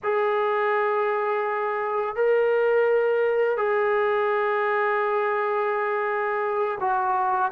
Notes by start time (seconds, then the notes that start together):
0.03 G#4
2.15 A#4
3.57 G#4
6.80 F#4